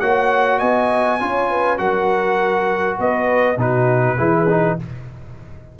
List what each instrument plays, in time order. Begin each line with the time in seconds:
0.00 tuba A#3, trombone F#4, horn C#5, trumpet F#5
0.59 tuba B3, horn D#5, trumpet G#5
1.20 tuba C#4, trombone F4, horn C#5
1.50 horn B4
1.77 tuba F#3, trombone F#4, horn A#4, trumpet F#5
2.98 tuba B3, horn B4, trumpet D#5
3.57 tuba B2, trombone D#4, horn F#4, trumpet B4
4.17 tuba E3, trombone E4, horn G#4
4.49 trombone D#4